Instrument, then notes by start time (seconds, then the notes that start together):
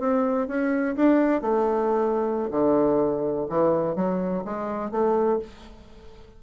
bassoon
0.00 C4
0.48 C#4
0.96 D4
1.42 A3
2.51 D3
3.50 E3
3.96 F#3
4.45 G#3
4.91 A3